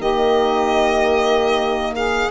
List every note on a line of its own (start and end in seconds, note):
0.00 2.31 D#3
0.00 2.31 A#3
0.00 1.92 G4
0.00 1.94 D#5
1.95 2.31 G#4
1.95 2.31 F5